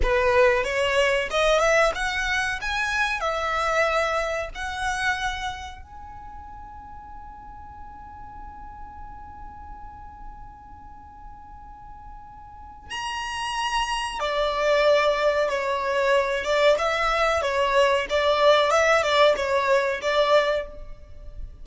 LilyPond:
\new Staff \with { instrumentName = "violin" } { \time 4/4 \tempo 4 = 93 b'4 cis''4 dis''8 e''8 fis''4 | gis''4 e''2 fis''4~ | fis''4 gis''2.~ | gis''1~ |
gis''1 | ais''2 d''2 | cis''4. d''8 e''4 cis''4 | d''4 e''8 d''8 cis''4 d''4 | }